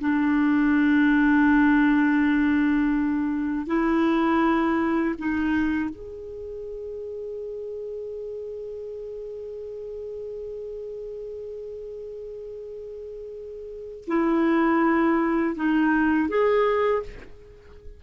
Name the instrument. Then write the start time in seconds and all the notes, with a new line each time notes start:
clarinet
0.00 D4
3.67 E4
5.18 D#4
5.90 G#4
14.07 E4
15.56 D#4
16.29 G#4